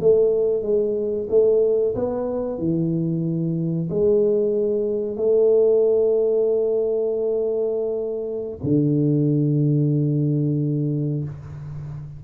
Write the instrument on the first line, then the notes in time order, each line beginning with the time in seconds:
tuba
0.00 A3
0.63 G#3
1.30 A3
1.96 B3
2.59 E3
3.90 G#3
5.17 A3
8.63 D3